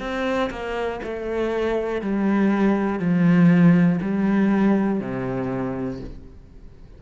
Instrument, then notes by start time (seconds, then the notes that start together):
cello
0.00 C4
0.50 A#3
1.03 A3
2.01 G3
3.00 F3
4.01 G3
5.00 C3